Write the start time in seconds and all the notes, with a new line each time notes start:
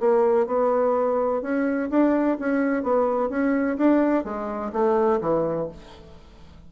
0.00 A#3
0.47 B3
1.42 C#4
1.90 D4
2.40 C#4
2.83 B3
3.30 C#4
3.78 D4
4.24 G#3
4.73 A3
5.21 E3